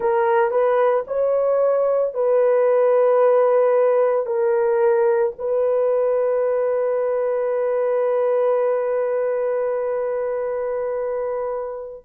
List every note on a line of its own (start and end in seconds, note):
0.00 0.50 A#4
0.50 1.04 B4
1.07 2.14 C#5
2.14 4.26 B4
4.26 5.33 A#4
5.38 12.04 B4